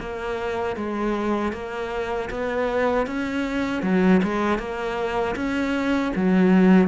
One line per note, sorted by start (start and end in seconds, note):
0.00 0.76 A#3
0.76 1.53 G#3
1.53 2.30 A#3
2.30 3.07 B3
3.07 3.83 C#4
3.83 4.21 F#3
4.23 4.59 G#3
4.59 5.36 A#3
5.36 6.13 C#4
6.15 6.88 F#3